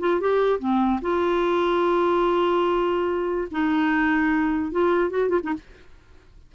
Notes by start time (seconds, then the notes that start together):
0.00 F4
0.21 G4
0.60 C4
1.02 F4
3.51 D#4
4.72 F4
5.10 F#4
5.30 F4
5.43 D#4